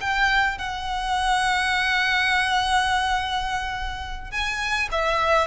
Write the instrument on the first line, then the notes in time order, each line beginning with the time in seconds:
violin
0.00 G5
0.58 F#5
4.31 G#5
4.91 E5